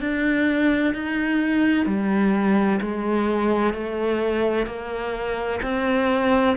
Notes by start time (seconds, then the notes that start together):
0.00 D4
0.94 D#4
1.86 G3
2.81 G#3
3.73 A3
4.66 A#3
5.62 C4